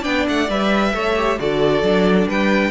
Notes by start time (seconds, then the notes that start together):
0.00 B3 D4 D5 G5
0.28 A3 F#5
0.49 G3 B4 E5
0.93 A3 A4 C#5
1.15 G4
1.39 D3 F#4 A4 D5
1.82 F#3 D4
2.27 G3 B4 G5